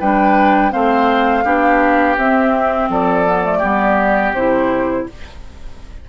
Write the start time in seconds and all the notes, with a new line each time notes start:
0.00 G3 D4 B4 G5
0.72 A3 C4 C5 F5
1.44 B3 D4 G4
2.17 C4 E5
2.89 F3 A4 D5
3.27 B3
3.45 A3
3.59 G3 B3 G4
4.33 C3 E4 C5